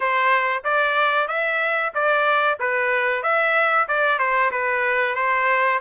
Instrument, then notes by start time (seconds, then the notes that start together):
trumpet
0.00 C5
0.63 D5
1.27 E5
1.94 D5
2.59 B4
3.23 E5
3.88 D5
4.18 C5
4.51 B4
5.15 C5